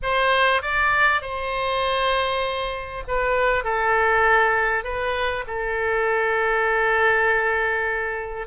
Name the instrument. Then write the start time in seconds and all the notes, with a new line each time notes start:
oboe
0.02 C5
0.61 D5
1.21 C5
3.07 B4
3.64 A4
4.83 B4
5.47 A4